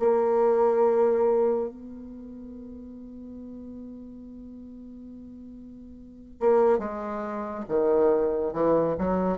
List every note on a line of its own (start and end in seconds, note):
0.00 1.69 A#3
1.69 6.40 B3
6.40 6.79 A#3
6.79 7.65 G#3
7.69 8.53 D#3
8.53 8.96 E3
8.98 9.39 F#3